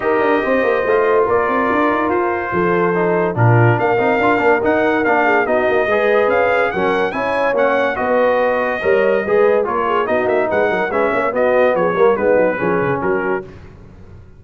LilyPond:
<<
  \new Staff \with { instrumentName = "trumpet" } { \time 4/4 \tempo 4 = 143 dis''2. d''4~ | d''4 c''2. | ais'4 f''2 fis''4 | f''4 dis''2 f''4 |
fis''4 gis''4 fis''4 dis''4~ | dis''2. cis''4 | dis''8 e''8 fis''4 e''4 dis''4 | cis''4 b'2 ais'4 | }
  \new Staff \with { instrumentName = "horn" } { \time 4/4 ais'4 c''2 ais'4~ | ais'2 a'2 | f'4 ais'2.~ | ais'8 gis'8 fis'4 b'2 |
ais'4 cis''2 b'4~ | b'4 cis''4 b'4 ais'8 gis'8 | fis'4 b'8 ais'8 b'8 cis''8 fis'4 | gis'8 ais'8 dis'4 gis'4 fis'4 | }
  \new Staff \with { instrumentName = "trombone" } { \time 4/4 g'2 f'2~ | f'2. dis'4 | d'4. dis'8 f'8 d'8 dis'4 | d'4 dis'4 gis'2 |
cis'4 e'4 cis'4 fis'4~ | fis'4 ais'4 gis'4 f'4 | dis'2 cis'4 b4~ | b8 ais8 b4 cis'2 | }
  \new Staff \with { instrumentName = "tuba" } { \time 4/4 dis'8 d'8 c'8 ais8 a4 ais8 c'8 | d'8 dis'8 f'4 f2 | ais,4 ais8 c'8 d'8 ais8 dis'4 | ais4 b8 ais8 gis4 cis'4 |
fis4 cis'4 ais4 b4~ | b4 g4 gis4 ais4 | b8 ais8 gis8 fis8 gis8 ais8 b4 | f8 g8 gis8 fis8 f8 cis8 fis4 | }
>>